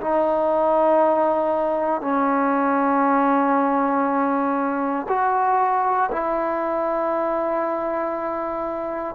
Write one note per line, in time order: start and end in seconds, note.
0.00 2.01 D#4
2.01 5.06 C#4
5.08 6.10 F#4
6.11 9.15 E4